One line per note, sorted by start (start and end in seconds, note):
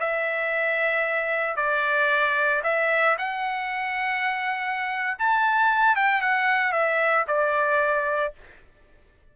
0.00 1.57 E5
1.57 2.63 D5
2.64 3.17 E5
3.18 5.18 F#5
5.19 5.96 A5
5.96 6.22 G5
6.22 6.72 F#5
6.72 7.26 E5
7.28 8.34 D5